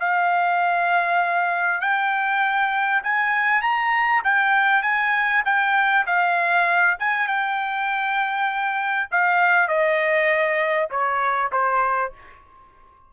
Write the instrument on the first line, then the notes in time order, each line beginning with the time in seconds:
trumpet
0.00 F5
1.81 G5
3.03 G#5
3.62 A#5
4.24 G5
4.83 G#5
5.45 G5
6.07 F5
6.99 G#5
7.28 G5
9.11 F5
9.68 D#5
10.91 C#5
11.52 C5